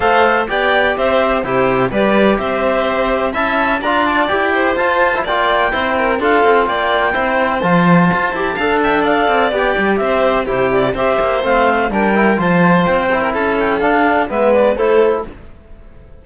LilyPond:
<<
  \new Staff \with { instrumentName = "clarinet" } { \time 4/4 \tempo 4 = 126 f''4 g''4 e''4 c''4 | d''4 e''2 a''4 | ais''8 a''8 g''4 a''4 g''4~ | g''4 f''4 g''2 |
a''2~ a''8 g''8 f''4 | g''4 e''4 c''8 d''8 e''4 | f''4 g''4 a''4 g''4 | a''8 g''8 f''4 e''8 d''8 c''4 | }
  \new Staff \with { instrumentName = "violin" } { \time 4/4 c''4 d''4 c''4 g'4 | b'4 c''2 e''4 | d''4. c''4. d''4 | c''8 ais'8 a'4 d''4 c''4~ |
c''2 f''8 e''8 d''4~ | d''4 c''4 g'4 c''4~ | c''4 ais'4 c''4.~ c''16 ais'16 | a'2 b'4 a'4 | }
  \new Staff \with { instrumentName = "trombone" } { \time 4/4 a'4 g'2 e'4 | g'2. e'4 | f'4 g'4 f'8. e'16 f'4 | e'4 f'2 e'4 |
f'4. g'8 a'2 | g'2 e'4 g'4 | c'4 d'8 e'8 f'4. e'8~ | e'4 d'4 b4 e'4 | }
  \new Staff \with { instrumentName = "cello" } { \time 4/4 a4 b4 c'4 c4 | g4 c'2 cis'4 | d'4 e'4 f'4 ais4 | c'4 d'8 c'8 ais4 c'4 |
f4 f'8 e'8 d'4. c'8 | b8 g8 c'4 c4 c'8 ais8 | a4 g4 f4 c'4 | cis'4 d'4 gis4 a4 | }
>>